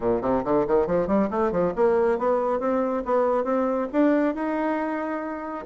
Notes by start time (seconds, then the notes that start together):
0.00 A#2
0.21 C3
0.44 D3
0.67 D#3
0.87 F3
1.07 G3
1.30 A3
1.51 F3
1.75 A#3
2.18 B3
2.59 C4
3.05 B3
3.44 C4
3.92 D4
4.35 D#4